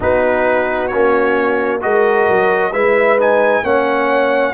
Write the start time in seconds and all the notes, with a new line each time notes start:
0.00 B3 D#4 F#4 B4
0.87 A#3 C#4 C#5
1.80 G#3 F#4 A#4 D#5
2.29 F#3
2.71 G#3 E4 B4 E5
3.18 D#4 G#5
3.63 A#3 C#4 C#5 F#5